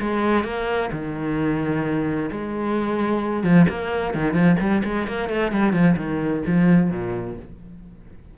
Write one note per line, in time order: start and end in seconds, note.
0.00 0.44 G#3
0.44 0.90 A#3
0.91 2.30 D#3
2.31 3.43 G#3
3.43 3.66 F3
3.69 4.14 A#3
4.14 4.33 D#3
4.33 4.56 F3
4.59 4.82 G3
4.84 5.07 G#3
5.07 5.29 A#3
5.29 5.51 A3
5.51 5.73 G3
5.73 5.96 F3
5.96 6.43 D#3
6.46 6.90 F3
6.90 7.36 A#2